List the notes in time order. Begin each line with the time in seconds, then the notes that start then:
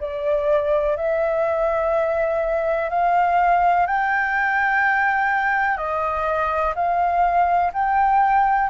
0.00 D5
0.96 E5
2.89 F5
3.86 G5
5.77 D#5
6.75 F5
7.73 G5